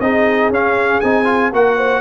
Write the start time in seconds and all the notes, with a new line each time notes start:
0.00 C4 D#4 G#4 D#5
0.50 C#4 F5
1.01 C4 D#4 G#5
1.25 F4
1.52 A#3 F#4 A#4 F#5
1.76 C5